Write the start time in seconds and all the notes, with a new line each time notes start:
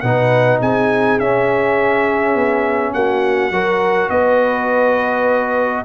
0.00 B2 D#4 B4 F#5
0.61 C4 G#4 G#5
1.19 C#4 E5
2.35 B3
2.93 A#3 F#4 F#5
3.50 F#3 F#4 A#4
4.10 B3 B4 D#5